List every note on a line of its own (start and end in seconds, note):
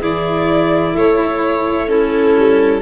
0.00 0.95 E3
0.00 1.88 E4
0.00 0.93 G#4
0.00 0.97 D5
0.93 2.36 A3
0.93 1.87 A4
0.93 1.89 C#5
1.88 2.81 C#4
1.88 2.82 E4
1.88 2.82 A4
2.38 2.82 G3